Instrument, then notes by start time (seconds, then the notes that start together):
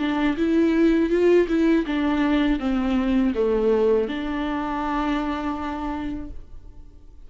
viola
0.00 D4
0.37 E4
1.10 F4
1.49 E4
1.87 D4
2.60 C4
3.35 A3
4.09 D4